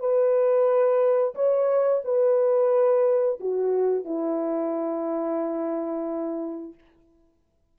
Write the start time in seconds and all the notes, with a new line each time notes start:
0.00 B4
1.35 C#5
2.05 B4
3.40 F#4
4.05 E4